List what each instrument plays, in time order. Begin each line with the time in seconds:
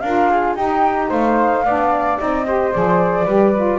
0.00 double bass D4, saxophone F4, flute A#4 F5
0.30 flute G#4
0.55 double bass D#4, saxophone D#4, flute G4 G5
1.09 double bass A3, flute C5 F5
1.64 double bass B3, saxophone D4, flute D5
2.19 double bass C4, saxophone D#4, flute D#5
2.46 saxophone G4, flute C5
2.72 double bass F3, saxophone G#4, flute D5
3.25 double bass G3, saxophone G4, flute B4
3.55 saxophone F4